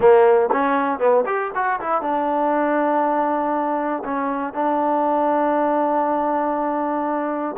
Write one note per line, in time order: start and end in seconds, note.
0.00 0.49 A#3
0.52 0.99 C#4
0.99 1.24 B3
1.26 1.51 G4
1.54 1.80 F#4
1.80 2.01 E4
2.01 4.03 D4
4.04 4.53 C#4
4.53 7.56 D4